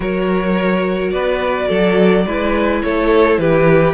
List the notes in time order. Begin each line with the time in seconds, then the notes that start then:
0.00 F#3 F#4 A#4 C#5
1.11 B3 B4 D5
1.68 F#3 A4
2.26 G#3 E4 B4
2.82 A3 A4 C#5
3.38 E3 G4 B4